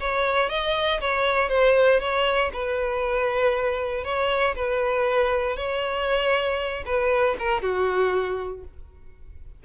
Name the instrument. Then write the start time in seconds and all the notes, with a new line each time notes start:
violin
0.00 C#5
0.49 D#5
1.00 C#5
1.49 C5
2.00 C#5
2.53 B4
4.04 C#5
4.55 B4
5.56 C#5
6.86 B4
7.39 A#4
7.62 F#4